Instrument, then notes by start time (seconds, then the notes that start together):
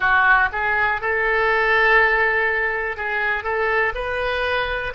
oboe
0.00 F#4
0.52 G#4
1.01 A4
2.96 G#4
3.43 A4
3.94 B4